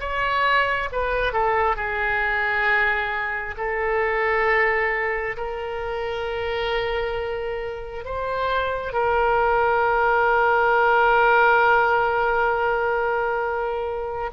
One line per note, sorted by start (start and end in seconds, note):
0.00 0.90 C#5
0.92 1.33 B4
1.33 1.76 A4
1.76 3.55 G#4
3.58 5.37 A4
5.37 8.05 A#4
8.05 8.93 C5
8.93 14.30 A#4